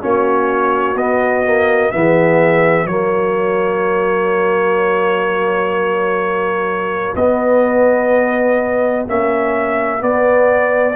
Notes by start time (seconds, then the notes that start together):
0.00 A#3 C#4 F#4 C#5
0.95 B3 D#5
1.46 A#3
1.91 E3 B3 G#4 E5
2.85 F#3 A#3 F#4 C#5
7.15 B3 D#5
9.08 A#3 C#4 E5
9.99 B3 D5